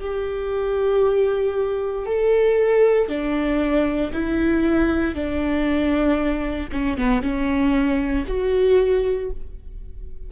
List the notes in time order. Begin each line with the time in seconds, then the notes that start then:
0.00 G4
2.06 A4
3.08 D4
4.13 E4
5.15 D4
6.72 C#4
6.98 B3
7.22 C#4
8.28 F#4